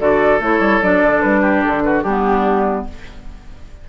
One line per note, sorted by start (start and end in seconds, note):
0.00 0.40 D3
0.00 0.41 F#4
0.00 1.41 A4
0.00 0.41 D5
0.40 0.60 A3
0.40 0.82 E4
0.40 0.83 C#5
0.60 0.80 G3
0.82 1.03 F#3
0.82 2.06 D4
0.82 1.22 D5
1.03 1.24 D3
1.22 1.65 G3
1.22 1.63 B4
1.41 1.82 G4
1.65 2.04 D3
1.65 1.83 A4
1.83 2.04 F#4
1.83 2.03 B4
2.03 2.86 G3
2.03 2.89 B3
2.03 2.86 D4
2.03 2.85 G4